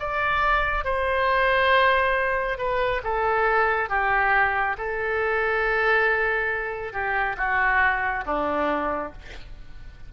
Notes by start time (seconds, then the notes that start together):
0.00 D5
0.85 C5
2.58 B4
3.04 A4
3.90 G4
4.78 A4
6.93 G4
7.38 F#4
8.26 D4